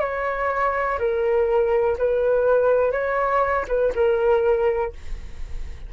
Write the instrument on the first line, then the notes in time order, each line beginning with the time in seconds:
flute
0.00 C#5
0.99 A#4
1.98 B4
2.92 C#5
3.68 B4
3.94 A#4